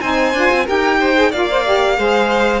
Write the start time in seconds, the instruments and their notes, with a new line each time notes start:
0.00 cello C4, saxophone D#4, violin C5 G#5
0.33 cello D4, saxophone F4
0.51 cello C4
0.65 cello D#4, saxophone G4, violin A#4 G5
0.99 violin C5
1.15 saxophone G#4
1.30 cello A#3, saxophone F4, violin D5 F5
1.50 saxophone C5
1.64 saxophone G4
1.96 cello G#3, saxophone G#4, violin C5